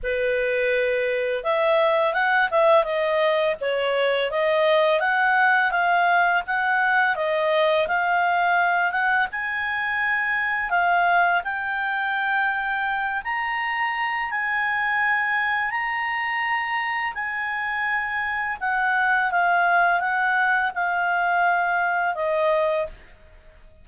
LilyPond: \new Staff \with { instrumentName = "clarinet" } { \time 4/4 \tempo 4 = 84 b'2 e''4 fis''8 e''8 | dis''4 cis''4 dis''4 fis''4 | f''4 fis''4 dis''4 f''4~ | f''8 fis''8 gis''2 f''4 |
g''2~ g''8 ais''4. | gis''2 ais''2 | gis''2 fis''4 f''4 | fis''4 f''2 dis''4 | }